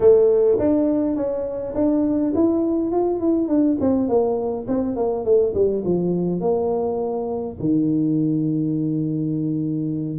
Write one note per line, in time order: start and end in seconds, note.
0.00 0.58 A3
0.58 1.15 D4
1.15 1.74 C#4
1.74 2.33 D4
2.35 2.91 E4
2.91 3.19 F4
3.19 3.48 E4
3.48 3.77 D4
3.80 4.08 C4
4.08 4.66 A#3
4.67 4.95 C4
4.95 5.24 A#3
5.24 5.53 A3
5.54 5.83 G3
5.84 6.40 F3
6.40 7.57 A#3
7.59 10.19 D#3